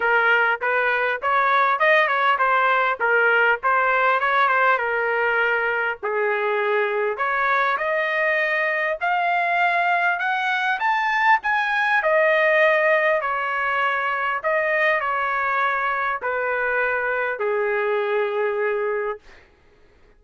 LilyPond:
\new Staff \with { instrumentName = "trumpet" } { \time 4/4 \tempo 4 = 100 ais'4 b'4 cis''4 dis''8 cis''8 | c''4 ais'4 c''4 cis''8 c''8 | ais'2 gis'2 | cis''4 dis''2 f''4~ |
f''4 fis''4 a''4 gis''4 | dis''2 cis''2 | dis''4 cis''2 b'4~ | b'4 gis'2. | }